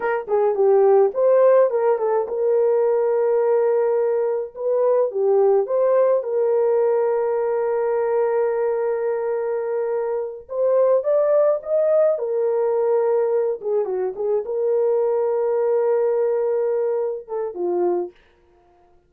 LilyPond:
\new Staff \with { instrumentName = "horn" } { \time 4/4 \tempo 4 = 106 ais'8 gis'8 g'4 c''4 ais'8 a'8 | ais'1 | b'4 g'4 c''4 ais'4~ | ais'1~ |
ais'2~ ais'8 c''4 d''8~ | d''8 dis''4 ais'2~ ais'8 | gis'8 fis'8 gis'8 ais'2~ ais'8~ | ais'2~ ais'8 a'8 f'4 | }